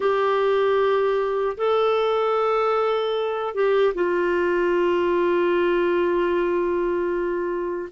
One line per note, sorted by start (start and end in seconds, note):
0.00 1.56 G4
1.57 3.54 A4
3.54 3.94 G4
3.94 7.89 F4